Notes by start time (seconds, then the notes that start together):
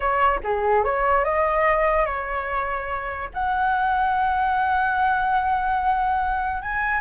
0.00 C#5
0.43 G#4
0.84 C#5
1.24 D#5
2.05 C#5
3.33 F#5
6.62 G#5